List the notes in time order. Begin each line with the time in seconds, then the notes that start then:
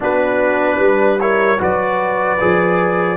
0.00 B3 D4 F#4 B4
0.77 G3 B4
1.19 E4 A#4 C#5
1.58 F#3 F#4 B4 D5
2.40 F3 G#4